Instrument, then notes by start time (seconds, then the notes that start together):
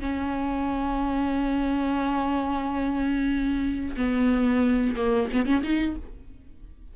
viola
0.00 C#4
3.97 B3
4.96 A#3
5.33 B3
5.46 C#4
5.63 D#4